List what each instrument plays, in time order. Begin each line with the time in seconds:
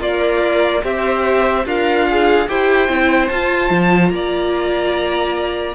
0.00 cello A#3, violin F4 D5, viola A#4
0.83 cello C4, violin G4 E5, viola C5
1.66 cello D4, violin F4 F5, viola A#4
2.10 viola G#4
2.49 cello E4, viola G4, violin C5 G5
2.89 cello C4, viola E4
3.28 cello F4, viola F4, violin A5
3.71 cello F3
4.10 cello A#3, violin D5 A#5